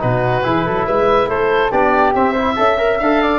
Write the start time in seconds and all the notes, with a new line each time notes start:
0.00 B2 D#4 F#4 B4
0.44 E3 E4 G#4
0.66 F#3 A4
0.86 G#3 B4 E5
1.28 A3 A4 C5
1.72 B3 D4 G4 D5
2.15 C4 E5
2.32 E4 C5
2.56 C#4 A4 E5
2.78 A#4
2.99 D4 A4 F5
3.23 D5